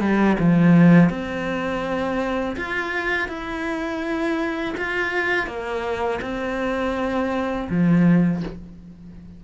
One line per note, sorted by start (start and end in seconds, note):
0.00 0.37 G3
0.39 1.09 F3
1.09 2.56 C4
2.56 3.29 F4
3.29 4.75 E4
4.77 5.47 F4
5.47 6.20 A#3
6.22 7.68 C4
7.69 8.42 F3